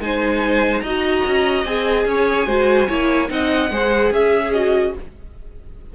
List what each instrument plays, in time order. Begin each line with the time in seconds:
0.00 cello G#3, viola D#4, violin C5 G#5
0.81 cello D#4, viola F#4, violin D#5 A#5
1.27 cello C#4
1.65 cello C4, viola G#4, violin G#5
2.06 cello C#4, violin C#5
2.47 cello G#3, viola F#4, violin C5
2.88 cello A#3, viola E4, violin C#5
3.29 cello C4, viola D#4, violin D#5 F#5
3.71 cello G#3, viola G#4, violin C5
4.11 cello C#4, violin G#4 E5
4.53 viola F#4, violin D#5